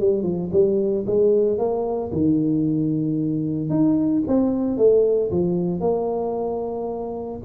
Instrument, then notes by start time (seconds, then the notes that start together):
tuba
0.00 G3
0.23 F3
0.52 G3
1.07 G#3
1.58 A#3
2.12 D#3
3.70 D#4
4.27 C4
4.77 A3
5.31 F3
5.80 A#3